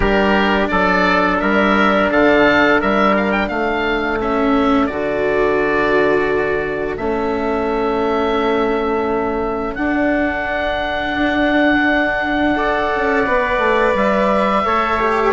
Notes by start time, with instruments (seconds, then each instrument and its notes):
0.00 bassoon G3, cello D4, trumpet G4, oboe A#4
0.67 bassoon F#3, trumpet A4, oboe D5
1.39 bassoon G3, trumpet A#4, oboe E5
2.11 bassoon D3, trumpet A4, oboe F5
2.80 bassoon G3, trumpet A#4, oboe E5
3.16 oboe F5
3.31 oboe G5
3.48 bassoon A3, trumpet A4, oboe F5
4.20 cello C#4, oboe E5
4.86 bassoon D3, cello F#4, oboe D5
6.97 bassoon A3, cello C#4, oboe E5
9.75 bassoon D4, cello D4, oboe F#5
12.55 cello A4, trumpet D5
12.95 bassoon C#4
13.26 bassoon B3, cello B4
13.57 bassoon A3
13.94 bassoon G3, oboe E5
14.65 bassoon A3, cello A4, trumpet C#5
14.99 cello G4